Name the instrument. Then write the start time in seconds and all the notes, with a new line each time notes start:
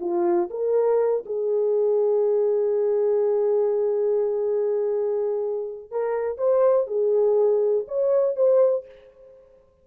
horn
0.00 F4
0.50 A#4
1.25 G#4
5.91 A#4
6.38 C5
6.87 G#4
7.88 C#5
8.36 C5